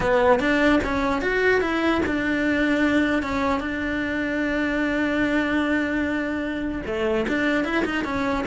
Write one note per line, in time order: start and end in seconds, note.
0.00 0.39 B3
0.39 0.79 D4
0.84 1.21 C#4
1.21 1.60 F#4
1.60 2.01 E4
2.06 3.22 D4
3.22 3.60 C#4
3.60 6.82 D4
6.86 7.26 A3
7.28 7.64 D4
7.64 7.84 E4
7.85 8.04 D#4
8.04 8.45 C#4